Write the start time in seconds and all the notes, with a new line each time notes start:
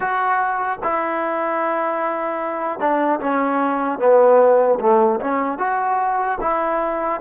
0.00 F#4
0.83 E4
2.79 D4
3.20 C#4
3.98 B3
4.80 A3
5.20 C#4
5.58 F#4
6.40 E4